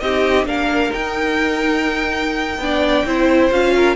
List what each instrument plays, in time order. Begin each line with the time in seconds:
0.00 cello C4, viola D#4, violin G4 D#5
0.45 cello A#3, viola D4, violin A#4 F5
0.90 viola D#4, cello D#4, violin G5
2.58 cello B3, viola D4, violin D5
3.06 cello C4, viola E4, violin C5
3.51 cello C#4, viola F4, violin F5
3.76 violin A#4